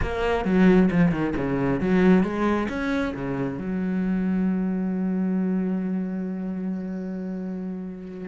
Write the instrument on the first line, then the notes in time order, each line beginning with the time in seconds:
cello
0.01 A#3
0.44 F#3
0.91 F3
1.11 D#3
1.37 C#3
1.80 F#3
2.23 G#3
2.68 C#4
3.14 C#3
3.58 F#3